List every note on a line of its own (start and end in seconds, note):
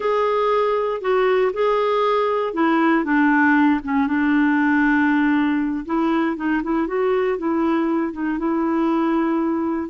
0.00 1.01 G#4
1.01 1.52 F#4
1.53 2.53 G#4
2.53 3.04 E4
3.04 3.80 D4
3.83 4.07 C#4
4.07 5.85 D4
5.85 6.36 E4
6.36 6.61 D#4
6.63 6.87 E4
6.87 7.38 F#4
7.38 8.12 E4
8.12 8.38 D#4
8.38 9.89 E4